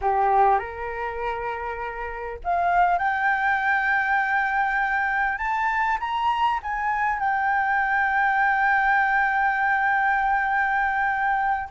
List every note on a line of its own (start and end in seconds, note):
0.01 0.58 G4
0.58 2.38 A#4
2.44 2.98 F5
2.98 5.38 G5
5.38 5.98 A5
5.99 6.59 A#5
6.62 7.19 G#5
7.19 11.69 G5